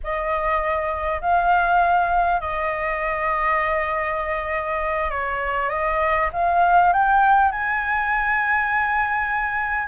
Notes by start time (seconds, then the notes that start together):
0.03 D#5
1.21 F5
2.40 D#5
5.10 C#5
5.69 D#5
6.32 F5
6.92 G5
7.51 G#5